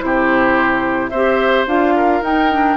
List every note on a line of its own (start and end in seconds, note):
0.00 1.12 C3
0.00 1.11 E4
0.00 1.11 G4
0.00 1.10 C5
1.10 1.67 C4
1.10 1.67 G4
1.10 1.94 C5
1.10 1.65 E5
1.67 2.22 D4
1.67 2.23 F4
1.67 2.24 F5
1.96 2.77 A#4
2.22 2.77 D#4
2.22 2.51 D#4
2.22 2.77 G5
2.51 2.77 D4